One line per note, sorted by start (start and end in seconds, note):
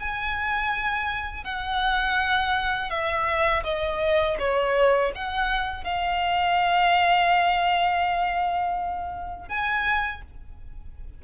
0.00 1.44 G#5
1.44 2.90 F#5
2.90 3.63 E5
3.64 4.37 D#5
4.39 5.12 C#5
5.15 5.84 F#5
5.84 9.48 F5
9.48 10.21 G#5